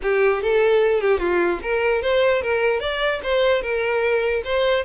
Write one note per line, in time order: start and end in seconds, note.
0.02 0.42 G4
0.42 1.00 A4
1.00 1.19 G4
1.19 1.59 F4
1.62 2.01 A#4
2.01 2.42 C5
2.42 2.80 A#4
2.80 3.20 D5
3.23 3.61 C5
3.61 4.42 A#4
4.44 4.84 C5